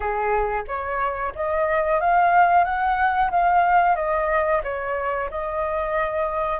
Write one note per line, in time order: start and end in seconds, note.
0.00 0.64 G#4
0.67 1.33 C#5
1.35 2.00 D#5
2.00 2.64 F5
2.64 3.30 F#5
3.30 3.95 F5
3.95 4.61 D#5
4.63 5.29 C#5
5.30 6.59 D#5